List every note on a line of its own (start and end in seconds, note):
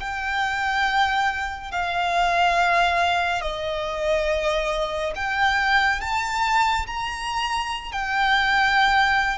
0.00 1.71 G5
1.72 3.42 F5
3.42 5.13 D#5
5.15 6.01 G5
6.01 6.87 A5
6.87 7.92 A#5
7.92 9.39 G5